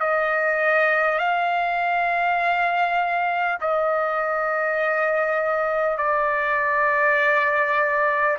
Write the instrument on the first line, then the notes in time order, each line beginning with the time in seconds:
trumpet
0.00 D#5
1.18 F5
3.61 D#5
5.97 D5